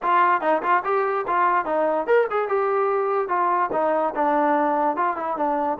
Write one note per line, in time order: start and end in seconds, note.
0.02 0.41 F4
0.41 0.62 D#4
0.62 0.83 F4
0.84 1.25 G4
1.27 1.65 F4
1.65 2.06 D#4
2.06 2.27 A#4
2.30 2.48 G#4
2.48 3.28 G4
3.28 3.70 F4
3.72 4.14 D#4
4.15 4.96 D4
4.96 5.16 F4
5.16 5.36 E4
5.36 5.78 D4